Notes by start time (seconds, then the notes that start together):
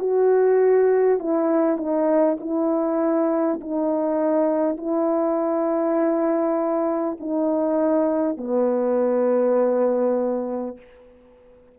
0.00 F#4
1.19 E4
1.78 D#4
2.41 E4
3.61 D#4
4.78 E4
7.21 D#4
8.38 B3